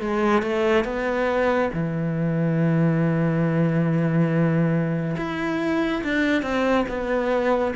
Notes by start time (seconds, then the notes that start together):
0.00 G#3
0.42 A3
0.84 B3
1.73 E3
5.16 E4
6.04 D4
6.42 C4
6.88 B3